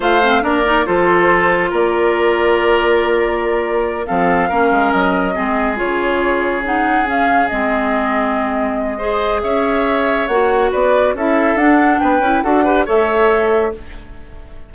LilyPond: <<
  \new Staff \with { instrumentName = "flute" } { \time 4/4 \tempo 4 = 140 f''4 d''4 c''2 | d''1~ | d''4. f''2 dis''8~ | dis''4. cis''2 fis''8~ |
fis''8 f''4 dis''2~ dis''8~ | dis''2 e''2 | fis''4 d''4 e''4 fis''4 | g''4 fis''4 e''2 | }
  \new Staff \with { instrumentName = "oboe" } { \time 4/4 c''4 ais'4 a'2 | ais'1~ | ais'4. a'4 ais'4.~ | ais'8 gis'2.~ gis'8~ |
gis'1~ | gis'4 c''4 cis''2~ | cis''4 b'4 a'2 | b'4 a'8 b'8 cis''2 | }
  \new Staff \with { instrumentName = "clarinet" } { \time 4/4 f'8 c'8 d'8 dis'8 f'2~ | f'1~ | f'4. c'4 cis'4.~ | cis'8 c'4 f'2 dis'8~ |
dis'8 cis'4 c'2~ c'8~ | c'4 gis'2. | fis'2 e'4 d'4~ | d'8 e'8 fis'8 g'8 a'2 | }
  \new Staff \with { instrumentName = "bassoon" } { \time 4/4 a4 ais4 f2 | ais1~ | ais4. f4 ais8 gis8 fis8~ | fis8 gis4 cis2~ cis8~ |
cis4. gis2~ gis8~ | gis2 cis'2 | ais4 b4 cis'4 d'4 | b8 cis'8 d'4 a2 | }
>>